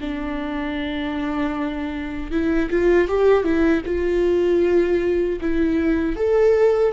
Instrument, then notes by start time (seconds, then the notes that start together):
viola
0.00 D4
2.31 E4
2.70 F4
3.08 G4
3.43 E4
3.85 F4
5.40 E4
6.16 A4